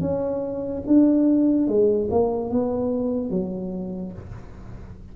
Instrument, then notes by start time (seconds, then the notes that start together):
tuba
0.00 C#4
0.87 D4
1.67 G#3
2.10 A#3
2.50 B3
3.30 F#3